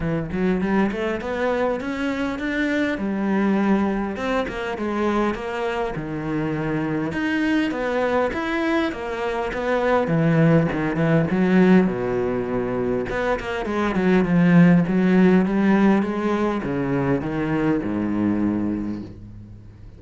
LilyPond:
\new Staff \with { instrumentName = "cello" } { \time 4/4 \tempo 4 = 101 e8 fis8 g8 a8 b4 cis'4 | d'4 g2 c'8 ais8 | gis4 ais4 dis2 | dis'4 b4 e'4 ais4 |
b4 e4 dis8 e8 fis4 | b,2 b8 ais8 gis8 fis8 | f4 fis4 g4 gis4 | cis4 dis4 gis,2 | }